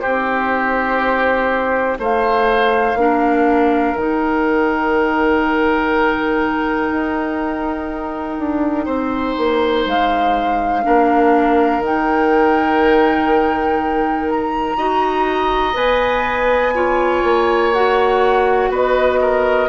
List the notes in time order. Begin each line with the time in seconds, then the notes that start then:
0.00 C4 D#4 G4 C5
1.98 A3 C5 F5
2.95 A#3 D4 A#4
3.96 D#3 D#4 G5
6.91 D#4
8.38 D4
8.85 C4 C5
9.37 A#3
9.86 G#3 F5
10.83 A#3 D4 A#4
11.79 D#3 D#4
11.85 G5
14.29 A#5
14.77 D#4 F#4 D#5
15.73 B3 B4 G#5
16.75 F4 C#5
17.23 A#3
17.73 F#4 F#5
18.69 B3 B4 D#5
19.21 A#4